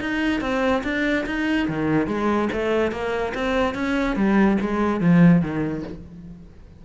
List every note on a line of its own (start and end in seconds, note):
0.00 0.41 D#4
0.41 0.83 C4
0.84 1.25 D4
1.26 1.68 D#4
1.68 2.07 D#3
2.07 2.49 G#3
2.53 2.92 A3
2.92 3.34 A#3
3.35 3.75 C4
3.75 4.16 C#4
4.16 4.58 G3
4.61 5.00 G#3
5.00 5.42 F3
5.42 5.83 D#3